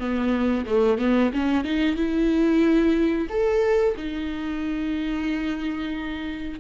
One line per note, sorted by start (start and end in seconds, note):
0.00 0.66 B3
0.66 0.99 A3
0.99 1.32 B3
1.34 1.65 C#4
1.65 1.96 D#4
1.96 3.28 E4
3.30 3.96 A4
3.97 6.60 D#4